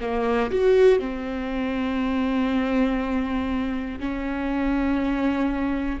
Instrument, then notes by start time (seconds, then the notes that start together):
viola
0.00 A#3
0.50 F#4
0.99 C4
4.00 C#4